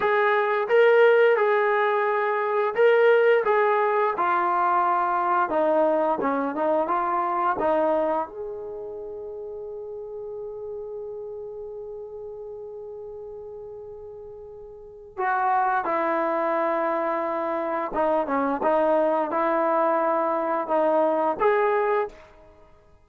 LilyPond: \new Staff \with { instrumentName = "trombone" } { \time 4/4 \tempo 4 = 87 gis'4 ais'4 gis'2 | ais'4 gis'4 f'2 | dis'4 cis'8 dis'8 f'4 dis'4 | gis'1~ |
gis'1~ | gis'2 fis'4 e'4~ | e'2 dis'8 cis'8 dis'4 | e'2 dis'4 gis'4 | }